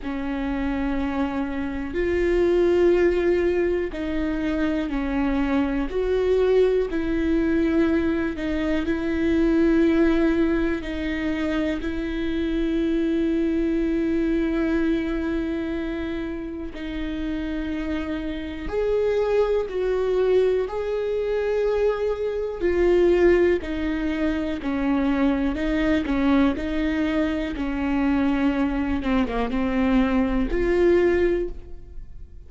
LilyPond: \new Staff \with { instrumentName = "viola" } { \time 4/4 \tempo 4 = 61 cis'2 f'2 | dis'4 cis'4 fis'4 e'4~ | e'8 dis'8 e'2 dis'4 | e'1~ |
e'4 dis'2 gis'4 | fis'4 gis'2 f'4 | dis'4 cis'4 dis'8 cis'8 dis'4 | cis'4. c'16 ais16 c'4 f'4 | }